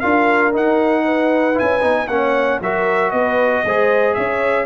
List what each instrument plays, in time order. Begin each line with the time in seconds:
0.00 tuba D4, trombone F4, horn A#4, trumpet F5
0.53 trombone D#4, tuba D#4, trumpet F#5
1.05 horn B4
1.54 trombone E4, trumpet G#5
1.62 tuba C#4
1.81 tuba B3, trombone D#4
2.08 tuba A#3, trombone C#4, horn C#5, trumpet F#5
2.61 tuba F#3, trombone F#4, horn A#4, trumpet E5
3.11 tuba B3, horn B4, trumpet D#5
3.65 tuba G#3, trombone G#4, horn C5
4.14 tuba C#4, horn C#5, trumpet E5